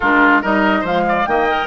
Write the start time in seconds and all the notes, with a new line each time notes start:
0.00 G#3 D4 F4 A#4
0.41 G3 D#4 A#4 D#5
0.80 F3 G#3 C5 F5
1.08 D5
1.26 D#3 A#3 D#5 G5
1.49 A#4